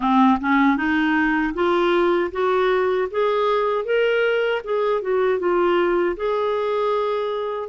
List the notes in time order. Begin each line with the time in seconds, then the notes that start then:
0.00 C4
0.40 C#4
0.77 D#4
1.53 F4
2.31 F#4
3.10 G#4
3.84 A#4
4.64 G#4
5.01 F#4
5.38 F4
6.16 G#4